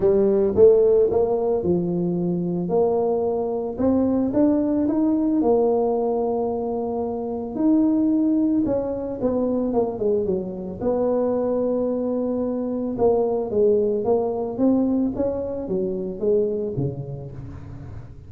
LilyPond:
\new Staff \with { instrumentName = "tuba" } { \time 4/4 \tempo 4 = 111 g4 a4 ais4 f4~ | f4 ais2 c'4 | d'4 dis'4 ais2~ | ais2 dis'2 |
cis'4 b4 ais8 gis8 fis4 | b1 | ais4 gis4 ais4 c'4 | cis'4 fis4 gis4 cis4 | }